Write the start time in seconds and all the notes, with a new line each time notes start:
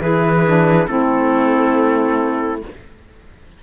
0.00 E3 E4 G#4 B4
0.45 D4
0.87 A3 C4 E4 A4